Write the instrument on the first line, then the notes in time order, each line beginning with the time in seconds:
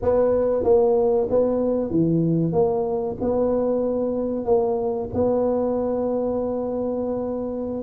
tuba
0.02 B3
0.63 A#3
1.29 B3
1.90 E3
2.52 A#3
3.20 B3
4.45 A#3
5.14 B3